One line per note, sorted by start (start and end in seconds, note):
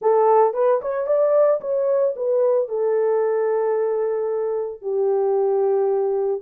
0.01 0.53 A4
0.53 0.80 B4
0.81 1.06 C#5
1.06 1.60 D5
1.60 2.14 C#5
2.16 2.68 B4
2.68 4.81 A4
4.81 6.41 G4